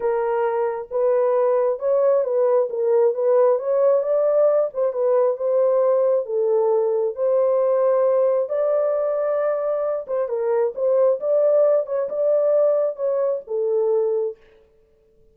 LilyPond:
\new Staff \with { instrumentName = "horn" } { \time 4/4 \tempo 4 = 134 ais'2 b'2 | cis''4 b'4 ais'4 b'4 | cis''4 d''4. c''8 b'4 | c''2 a'2 |
c''2. d''4~ | d''2~ d''8 c''8 ais'4 | c''4 d''4. cis''8 d''4~ | d''4 cis''4 a'2 | }